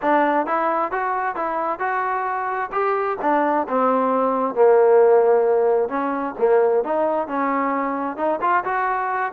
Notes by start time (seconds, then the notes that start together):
0.02 D4
0.46 E4
0.91 F#4
1.35 E4
1.79 F#4
2.72 G4
3.21 D4
3.68 C4
4.55 A#3
5.88 C#4
6.38 A#3
6.84 D#4
7.27 C#4
8.16 D#4
8.41 F4
8.64 F#4